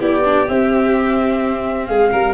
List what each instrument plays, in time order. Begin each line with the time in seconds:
0.00 tuba B3, viola E4, violin G4, flute D5
0.24 viola D4
0.47 viola C4, tuba C4, flute E5
1.86 tuba G#3, violin G#4, flute F5
2.12 tuba G3, violin A#4